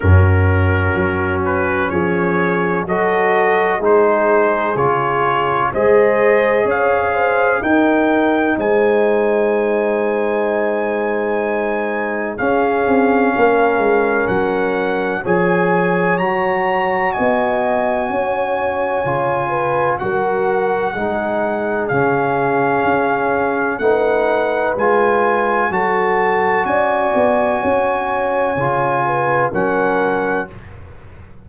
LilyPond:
<<
  \new Staff \with { instrumentName = "trumpet" } { \time 4/4 \tempo 4 = 63 ais'4. b'8 cis''4 dis''4 | c''4 cis''4 dis''4 f''4 | g''4 gis''2.~ | gis''4 f''2 fis''4 |
gis''4 ais''4 gis''2~ | gis''4 fis''2 f''4~ | f''4 fis''4 gis''4 a''4 | gis''2. fis''4 | }
  \new Staff \with { instrumentName = "horn" } { \time 4/4 fis'2 gis'4 a'4 | gis'2 c''4 cis''8 c''8 | ais'4 c''2.~ | c''4 gis'4 ais'2 |
cis''2 dis''4 cis''4~ | cis''8 b'8 ais'4 gis'2~ | gis'4 b'2 a'4 | d''4 cis''4. b'8 ais'4 | }
  \new Staff \with { instrumentName = "trombone" } { \time 4/4 cis'2. fis'4 | dis'4 f'4 gis'2 | dis'1~ | dis'4 cis'2. |
gis'4 fis'2. | f'4 fis'4 dis'4 cis'4~ | cis'4 dis'4 f'4 fis'4~ | fis'2 f'4 cis'4 | }
  \new Staff \with { instrumentName = "tuba" } { \time 4/4 fis,4 fis4 f4 fis4 | gis4 cis4 gis4 cis'4 | dis'4 gis2.~ | gis4 cis'8 c'8 ais8 gis8 fis4 |
f4 fis4 b4 cis'4 | cis4 fis4 gis4 cis4 | cis'4 a4 gis4 fis4 | cis'8 b8 cis'4 cis4 fis4 | }
>>